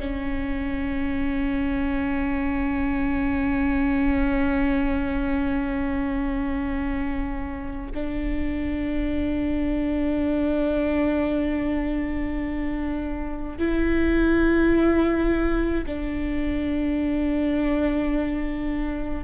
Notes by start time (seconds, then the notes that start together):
0.00 C#4
7.95 D4
13.58 E4
15.86 D4